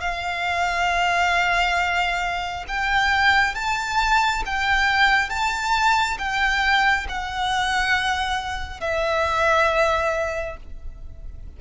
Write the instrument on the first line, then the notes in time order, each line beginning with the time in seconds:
violin
0.00 F5
2.68 G5
3.55 A5
4.45 G5
5.29 A5
6.18 G5
7.08 F#5
8.80 E5